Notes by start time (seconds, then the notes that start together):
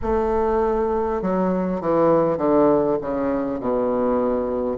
0.02 A3
1.22 F#3
1.81 E3
2.37 D3
3.01 C#3
3.59 B2